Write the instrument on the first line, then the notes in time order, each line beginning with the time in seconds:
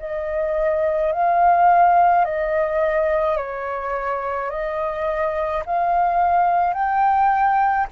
flute
0.00 D#5
1.13 F5
2.25 D#5
3.37 C#5
4.51 D#5
5.66 F5
6.74 G5